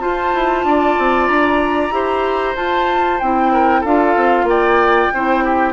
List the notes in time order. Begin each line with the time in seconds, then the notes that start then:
0.00 F4 C5 A5
0.34 E4
0.64 D4 D5
0.98 C4
1.28 D4 A#5
1.90 E4 G4 C5
2.55 F4 A5
3.19 C4 E4 G5
3.53 A#4
3.81 D4 F4 A4 F5
4.16 C4
4.43 A#3 D5 G5
5.13 C4 E4 C5
5.44 G4